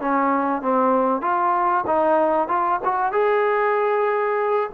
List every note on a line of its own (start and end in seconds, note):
0.00 0.61 C#4
0.61 1.21 C4
1.21 1.84 F4
1.86 2.48 D#4
2.48 2.79 F4
2.84 3.12 F#4
3.12 4.70 G#4